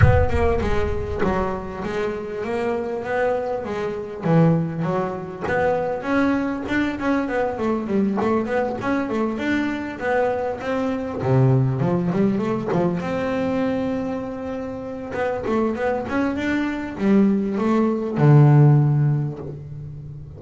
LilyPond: \new Staff \with { instrumentName = "double bass" } { \time 4/4 \tempo 4 = 99 b8 ais8 gis4 fis4 gis4 | ais4 b4 gis4 e4 | fis4 b4 cis'4 d'8 cis'8 | b8 a8 g8 a8 b8 cis'8 a8 d'8~ |
d'8 b4 c'4 c4 f8 | g8 a8 f8 c'2~ c'8~ | c'4 b8 a8 b8 cis'8 d'4 | g4 a4 d2 | }